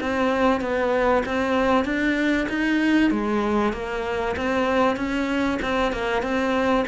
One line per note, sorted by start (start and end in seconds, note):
0.00 0.61 C4
0.61 1.23 B3
1.26 1.84 C4
1.84 2.47 D4
2.49 3.10 D#4
3.10 3.73 G#3
3.73 4.35 A#3
4.36 4.96 C4
4.96 5.59 C#4
5.62 5.92 C4
5.92 6.22 A#3
6.22 6.85 C4